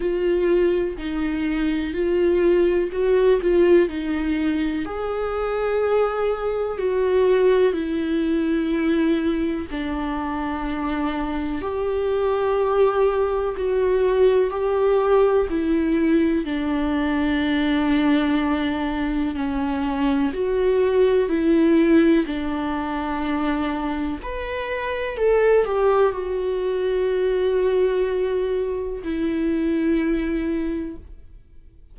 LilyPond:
\new Staff \with { instrumentName = "viola" } { \time 4/4 \tempo 4 = 62 f'4 dis'4 f'4 fis'8 f'8 | dis'4 gis'2 fis'4 | e'2 d'2 | g'2 fis'4 g'4 |
e'4 d'2. | cis'4 fis'4 e'4 d'4~ | d'4 b'4 a'8 g'8 fis'4~ | fis'2 e'2 | }